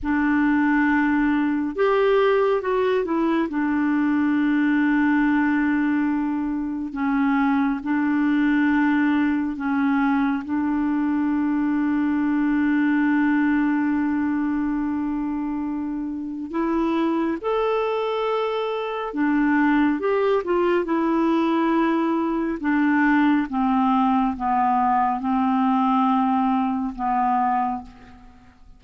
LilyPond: \new Staff \with { instrumentName = "clarinet" } { \time 4/4 \tempo 4 = 69 d'2 g'4 fis'8 e'8 | d'1 | cis'4 d'2 cis'4 | d'1~ |
d'2. e'4 | a'2 d'4 g'8 f'8 | e'2 d'4 c'4 | b4 c'2 b4 | }